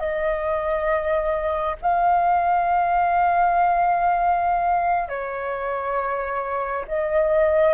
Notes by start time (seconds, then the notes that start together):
0.00 D#5
1.82 F5
5.09 C#5
6.88 D#5